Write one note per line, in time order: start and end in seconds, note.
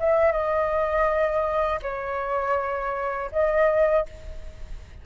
0.00 0.32 E5
0.32 1.80 D#5
1.82 3.31 C#5
3.32 4.06 D#5